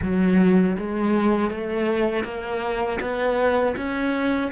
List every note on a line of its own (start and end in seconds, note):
0.01 0.76 F#3
0.77 1.50 G#3
1.50 2.24 A3
2.24 2.99 A#3
3.00 3.75 B3
3.76 4.51 C#4